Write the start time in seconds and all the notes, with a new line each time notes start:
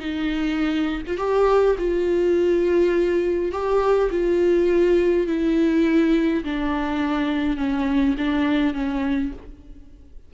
0.00 D#4
1.06 F4
1.18 G4
1.78 F4
3.52 G4
4.11 F4
5.27 E4
6.44 D4
7.57 C#4
8.18 D4
8.74 C#4